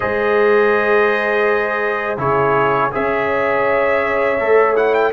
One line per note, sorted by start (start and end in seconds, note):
0.00 2.17 G#3
0.00 2.17 G#4
0.00 2.19 C5
0.00 2.17 D#5
2.17 2.90 C#3
2.17 2.91 E4
2.17 2.92 G#4
2.17 2.92 C#5
2.91 4.40 C#4
2.91 4.37 G#4
2.91 5.12 C#5
2.91 4.76 E5
4.39 5.12 A3
4.39 4.76 A4
4.76 5.12 E4
4.76 4.93 F#5
4.93 5.12 G5